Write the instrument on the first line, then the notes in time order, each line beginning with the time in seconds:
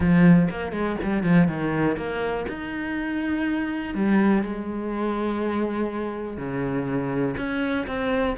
cello
0.00 F3
0.50 A#3
0.71 G#3
1.02 G3
1.23 F3
1.47 D#3
1.96 A#3
2.48 D#4
3.94 G3
4.42 G#3
6.37 C#3
7.37 C#4
7.86 C4